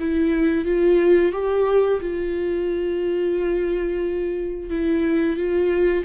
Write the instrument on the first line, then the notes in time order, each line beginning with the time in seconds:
viola
0.00 E4
0.65 F4
1.33 G4
2.00 F4
4.70 E4
5.37 F4